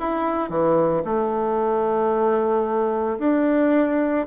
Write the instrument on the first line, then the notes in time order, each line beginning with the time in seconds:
bassoon
0.00 E4
0.50 E3
1.05 A3
3.19 D4